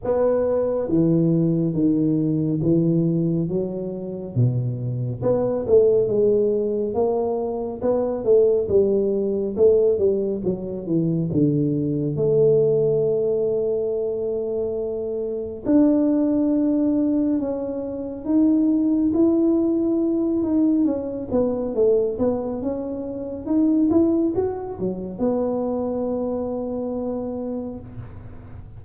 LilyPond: \new Staff \with { instrumentName = "tuba" } { \time 4/4 \tempo 4 = 69 b4 e4 dis4 e4 | fis4 b,4 b8 a8 gis4 | ais4 b8 a8 g4 a8 g8 | fis8 e8 d4 a2~ |
a2 d'2 | cis'4 dis'4 e'4. dis'8 | cis'8 b8 a8 b8 cis'4 dis'8 e'8 | fis'8 fis8 b2. | }